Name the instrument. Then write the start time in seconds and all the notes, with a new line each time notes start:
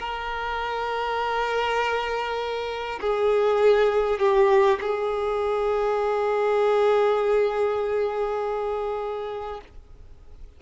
violin
0.00 A#4
3.01 G#4
4.19 G4
4.81 G#4